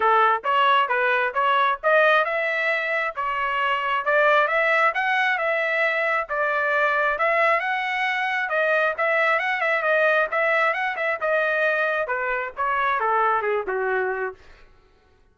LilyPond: \new Staff \with { instrumentName = "trumpet" } { \time 4/4 \tempo 4 = 134 a'4 cis''4 b'4 cis''4 | dis''4 e''2 cis''4~ | cis''4 d''4 e''4 fis''4 | e''2 d''2 |
e''4 fis''2 dis''4 | e''4 fis''8 e''8 dis''4 e''4 | fis''8 e''8 dis''2 b'4 | cis''4 a'4 gis'8 fis'4. | }